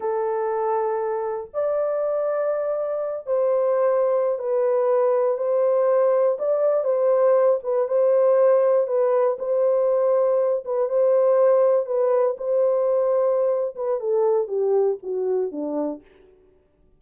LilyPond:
\new Staff \with { instrumentName = "horn" } { \time 4/4 \tempo 4 = 120 a'2. d''4~ | d''2~ d''8 c''4.~ | c''8. b'2 c''4~ c''16~ | c''8. d''4 c''4. b'8 c''16~ |
c''4.~ c''16 b'4 c''4~ c''16~ | c''4~ c''16 b'8 c''2 b'16~ | b'8. c''2~ c''8. b'8 | a'4 g'4 fis'4 d'4 | }